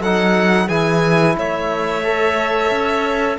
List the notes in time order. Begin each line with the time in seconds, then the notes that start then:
0.00 F#3 D#4 A4 F#5
0.66 E3 E4 G#4 G#5
1.37 A3 C#5 E5
2.04 A4
2.70 C#4